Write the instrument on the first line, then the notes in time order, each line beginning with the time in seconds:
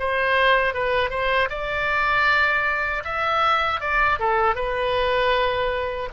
oboe
0.00 C5
0.74 B4
1.10 C5
1.50 D5
3.05 E5
3.81 D5
4.20 A4
4.56 B4